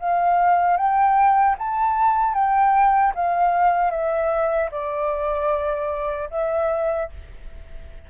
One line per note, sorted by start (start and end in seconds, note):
0.00 0.77 F5
0.77 1.56 G5
1.59 2.34 A5
2.34 3.13 G5
3.15 3.91 F5
3.91 4.70 E5
4.72 6.30 D5
6.31 7.10 E5